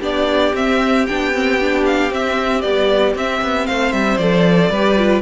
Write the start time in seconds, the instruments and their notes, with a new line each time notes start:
0.00 cello B3, viola D4, violin G4 D5
0.54 cello C4, viola C4, violin E5
1.07 cello B3, viola D4, violin G5
1.34 viola C4
1.61 viola D4
1.86 violin F5
2.11 viola C4, cello C4, violin E5
2.62 viola G3, cello B3, violin D5
3.15 cello C4, viola C4, violin E5
3.42 cello B3
3.67 cello A3, violin C5 F5
3.93 cello G3, violin E5
4.18 cello F3, viola A4, violin D5
4.71 cello G3, viola G4, violin B4
4.98 viola F4